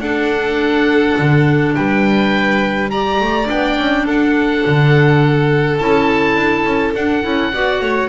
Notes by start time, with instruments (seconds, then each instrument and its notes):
0.00 double bass D4, clarinet D4, violin A4, oboe F#5
1.18 double bass D3
1.75 double bass G3, violin B4, oboe G5
2.89 clarinet G4, violin D5, oboe A#5
3.20 double bass A3
3.45 double bass B3, clarinet D4, oboe G5
3.78 double bass C#4
4.05 double bass D4, violin A4, oboe F#5
4.66 double bass D3
5.78 double bass C#4, clarinet E4, oboe A5
6.35 double bass D4
6.64 double bass C#4
6.95 double bass D4, clarinet D4, oboe F#5
7.23 double bass C#4, clarinet E4
7.52 double bass B3, clarinet F#4, violin D5
7.81 double bass A3, violin C#5